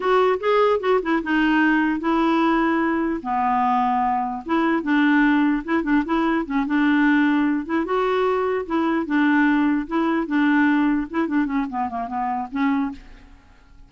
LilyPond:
\new Staff \with { instrumentName = "clarinet" } { \time 4/4 \tempo 4 = 149 fis'4 gis'4 fis'8 e'8 dis'4~ | dis'4 e'2. | b2. e'4 | d'2 e'8 d'8 e'4 |
cis'8 d'2~ d'8 e'8 fis'8~ | fis'4. e'4 d'4.~ | d'8 e'4 d'2 e'8 | d'8 cis'8 b8 ais8 b4 cis'4 | }